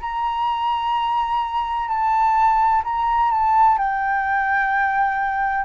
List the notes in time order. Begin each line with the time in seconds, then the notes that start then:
0.00 A#5
1.88 A5
2.84 A#5
3.30 A5
3.78 G5